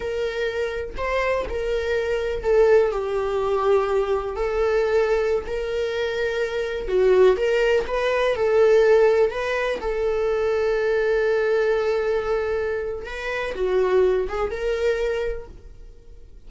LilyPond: \new Staff \with { instrumentName = "viola" } { \time 4/4 \tempo 4 = 124 ais'2 c''4 ais'4~ | ais'4 a'4 g'2~ | g'4 a'2~ a'16 ais'8.~ | ais'2~ ais'16 fis'4 ais'8.~ |
ais'16 b'4 a'2 b'8.~ | b'16 a'2.~ a'8.~ | a'2. b'4 | fis'4. gis'8 ais'2 | }